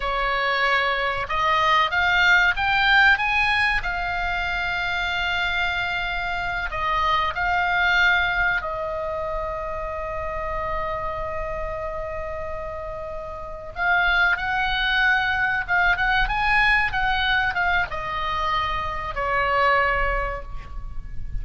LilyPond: \new Staff \with { instrumentName = "oboe" } { \time 4/4 \tempo 4 = 94 cis''2 dis''4 f''4 | g''4 gis''4 f''2~ | f''2~ f''8 dis''4 f''8~ | f''4. dis''2~ dis''8~ |
dis''1~ | dis''4. f''4 fis''4.~ | fis''8 f''8 fis''8 gis''4 fis''4 f''8 | dis''2 cis''2 | }